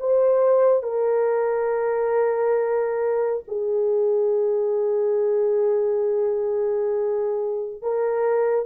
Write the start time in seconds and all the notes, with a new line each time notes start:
0.00 C5
0.83 A#4
3.48 G#4
7.82 A#4